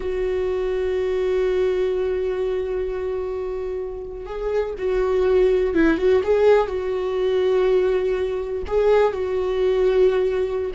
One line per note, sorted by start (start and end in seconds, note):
0.00 4.25 F#4
4.25 4.74 G#4
4.78 5.74 F#4
5.74 5.97 E4
5.97 6.22 F#4
6.23 6.67 G#4
6.67 8.63 F#4
8.67 9.12 G#4
9.12 10.71 F#4